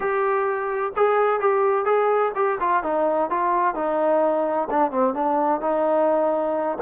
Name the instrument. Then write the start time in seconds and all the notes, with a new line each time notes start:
trombone
0.00 G4
0.96 G#4
1.40 G4
1.85 G#4
2.35 G4
2.60 F4
2.83 D#4
3.30 F4
3.74 D#4
4.70 D4
4.91 C4
5.13 D4
5.61 D#4